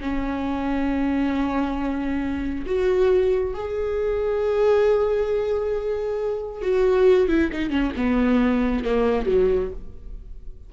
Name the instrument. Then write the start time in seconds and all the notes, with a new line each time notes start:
viola
0.00 C#4
2.66 F#4
3.54 G#4
6.62 F#4
7.28 E4
7.52 D#4
7.70 C#4
7.96 B3
8.84 A#3
9.25 F#3